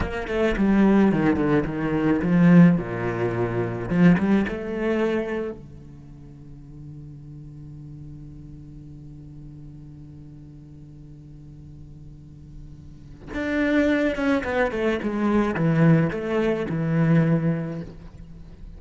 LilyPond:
\new Staff \with { instrumentName = "cello" } { \time 4/4 \tempo 4 = 108 ais8 a8 g4 dis8 d8 dis4 | f4 ais,2 f8 g8 | a2 d2~ | d1~ |
d1~ | d1 | d'4. cis'8 b8 a8 gis4 | e4 a4 e2 | }